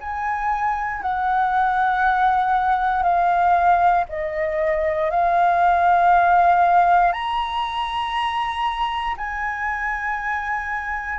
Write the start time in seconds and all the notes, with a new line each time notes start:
0.00 G#5
1.02 F#5
3.03 F5
4.09 D#5
5.10 F5
7.12 A#5
9.17 G#5